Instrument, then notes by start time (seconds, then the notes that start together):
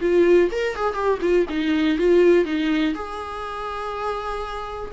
viola
0.00 F4
0.51 A#4
0.76 G#4
0.93 G4
1.21 F4
1.49 D#4
1.98 F4
2.45 D#4
2.94 G#4